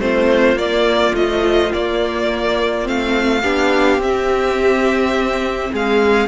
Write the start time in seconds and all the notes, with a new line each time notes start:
0.00 A3 C4 F4 C5
0.55 A#3 D5
1.14 F3 A3 D#5
1.73 A#3 D5
2.84 A3 C4 F5
3.42 B3 D4 G4
3.99 C4 E5
5.73 G#3 G#4 F5